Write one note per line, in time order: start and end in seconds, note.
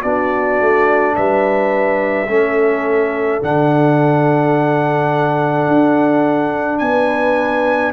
0.00 0.60 B3
0.00 2.26 D4
0.00 1.15 F#4
0.00 1.15 D5
0.60 1.16 A3
1.15 2.27 G3
1.15 2.29 B4
1.15 3.42 E5
2.27 3.41 A3
2.27 3.41 C#4
2.27 6.81 A4
3.41 5.67 D3
3.41 7.93 D4
3.41 6.78 F#5
5.67 6.80 D4
6.78 7.93 B3
6.78 7.93 B4
6.78 7.91 G#5